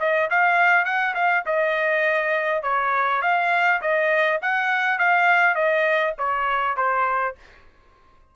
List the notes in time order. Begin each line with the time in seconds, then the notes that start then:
0.00 D#5
0.30 F5
0.85 F#5
1.14 F5
1.46 D#5
2.63 C#5
3.22 F5
3.81 D#5
4.42 F#5
4.99 F5
5.55 D#5
6.18 C#5
6.76 C5